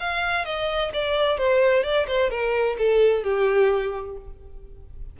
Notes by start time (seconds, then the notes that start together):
0.00 F5
0.45 D#5
0.94 D5
1.38 C5
1.84 D5
2.07 C5
2.30 A#4
2.78 A4
3.24 G4